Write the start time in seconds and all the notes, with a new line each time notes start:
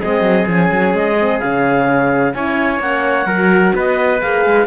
0.00 G#3 C4 G#4 D#5
0.21 F#3
0.46 F3 C#4 G#5
0.71 F#3
0.94 G#3 D#5
1.20 C4
1.40 C#3 C#4 F5
2.33 C#4 E4 C#5 G#5
2.80 A#3 C#4 F#5
3.26 F#3 F#4 A#4
3.75 B3 B4 D#5
4.22 A#3 G#4 F5
4.46 G#3